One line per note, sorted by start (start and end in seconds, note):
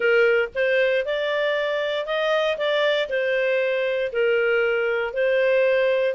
0.00 0.49 A#4
0.54 1.05 C5
1.05 2.06 D5
2.06 2.57 D#5
2.57 3.08 D5
3.09 4.11 C5
4.12 5.13 A#4
5.13 6.14 C5